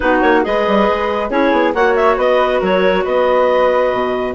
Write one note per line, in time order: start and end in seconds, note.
0.00 0.22 B3
0.00 0.43 D#4
0.00 0.45 F#4
0.00 0.21 B4
0.21 0.44 A#3
0.21 0.43 C#5
0.43 0.67 G#3
0.43 1.30 G#4
0.43 1.29 B4
0.43 1.30 D#5
0.67 0.89 G3
0.89 1.30 G#3
1.29 1.51 C#4
1.29 1.74 E4
1.29 1.73 G#4
1.29 1.73 C#5
1.52 1.73 B3
1.73 2.17 A#3
1.73 4.35 F#4
1.73 2.18 C#5
1.73 1.95 F#5
1.95 2.17 E5
2.17 2.60 B3
2.17 2.60 B4
2.17 2.62 D#5
2.60 3.05 F#3
2.60 3.03 A#4
2.60 3.05 C#5
3.03 3.92 B3
3.03 4.34 B4
3.03 4.35 D#5
3.92 4.35 B2